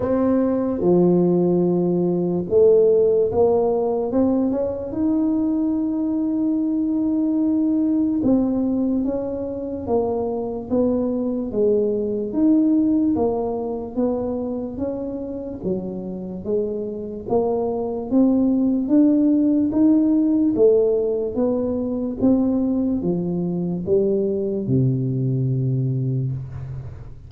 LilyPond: \new Staff \with { instrumentName = "tuba" } { \time 4/4 \tempo 4 = 73 c'4 f2 a4 | ais4 c'8 cis'8 dis'2~ | dis'2 c'4 cis'4 | ais4 b4 gis4 dis'4 |
ais4 b4 cis'4 fis4 | gis4 ais4 c'4 d'4 | dis'4 a4 b4 c'4 | f4 g4 c2 | }